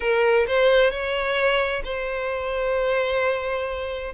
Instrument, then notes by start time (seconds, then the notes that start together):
violin
0.00 A#4
0.47 C5
0.91 C#5
1.84 C5